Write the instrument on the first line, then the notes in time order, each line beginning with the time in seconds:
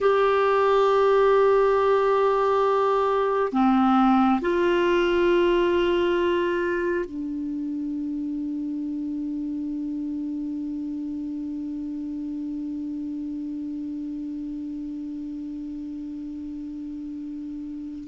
clarinet
0.00 G4
3.52 C4
4.41 F4
7.05 D4